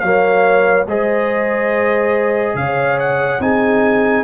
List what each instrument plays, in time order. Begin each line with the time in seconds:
0.00 tuba F#3, trombone A#3, horn C#5, trumpet F5
0.87 tuba G#3, trombone G#4, horn C5, trumpet D#5
2.55 tuba C#3, horn C#5, trumpet F5
2.99 trumpet F#5
3.39 tuba C4, trombone D#4, horn G#4, trumpet G#5